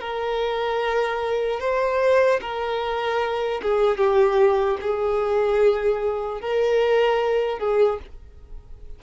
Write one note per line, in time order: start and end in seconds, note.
0.00 1.60 A#4
1.60 2.40 C5
2.41 3.61 A#4
3.62 3.97 G#4
3.97 4.77 G4
4.81 6.41 G#4
6.41 7.58 A#4
7.58 7.98 G#4